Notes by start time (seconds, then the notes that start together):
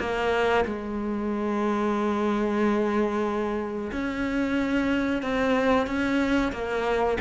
0.00 A#3
0.66 G#3
3.92 C#4
5.23 C4
5.87 C#4
6.53 A#3